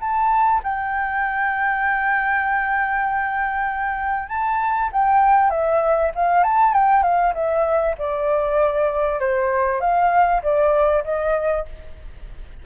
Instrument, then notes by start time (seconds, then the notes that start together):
flute
0.00 A5
0.63 G5
4.29 A5
4.92 G5
5.50 E5
6.15 F5
6.44 A5
6.73 G5
7.03 F5
7.34 E5
7.98 D5
9.20 C5
9.81 F5
10.43 D5
11.04 D#5